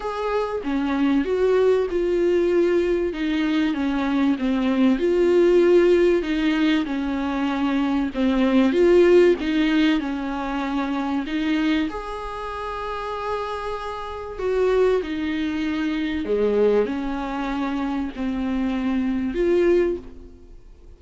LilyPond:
\new Staff \with { instrumentName = "viola" } { \time 4/4 \tempo 4 = 96 gis'4 cis'4 fis'4 f'4~ | f'4 dis'4 cis'4 c'4 | f'2 dis'4 cis'4~ | cis'4 c'4 f'4 dis'4 |
cis'2 dis'4 gis'4~ | gis'2. fis'4 | dis'2 gis4 cis'4~ | cis'4 c'2 f'4 | }